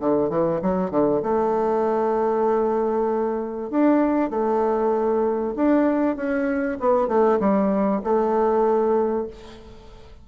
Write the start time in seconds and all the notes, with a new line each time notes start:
0.00 D3
0.30 E3
0.62 F#3
0.91 D3
1.23 A3
3.70 D4
4.30 A3
5.56 D4
6.16 C#4
6.80 B3
7.08 A3
7.40 G3
8.04 A3